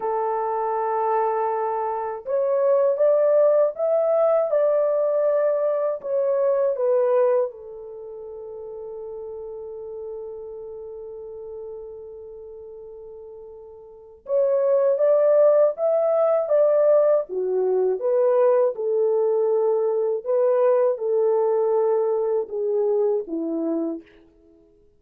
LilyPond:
\new Staff \with { instrumentName = "horn" } { \time 4/4 \tempo 4 = 80 a'2. cis''4 | d''4 e''4 d''2 | cis''4 b'4 a'2~ | a'1~ |
a'2. cis''4 | d''4 e''4 d''4 fis'4 | b'4 a'2 b'4 | a'2 gis'4 e'4 | }